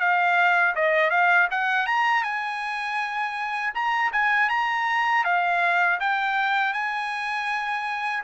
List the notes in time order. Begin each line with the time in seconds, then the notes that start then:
0.00 F5
0.75 D#5
1.11 F5
1.51 F#5
1.86 A#5
2.24 G#5
3.75 A#5
4.12 G#5
4.50 A#5
5.25 F5
6.00 G5
6.74 G#5